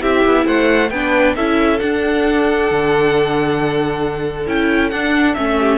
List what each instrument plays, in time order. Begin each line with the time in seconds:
0.00 cello C4, viola E4, violin G4 E5
0.26 cello B3
0.46 cello A3, violin C5 F#5
0.90 cello B3, viola D4, violin B4 G5
1.36 cello C#4, viola E4, violin A4 E5
1.79 viola D4, cello D4, violin F#5
2.71 cello D3
4.47 cello C#4, viola E4, violin G5
4.90 cello D4, viola D4, violin F#5
5.34 cello A3, viola C#4, violin E5
5.59 violin G4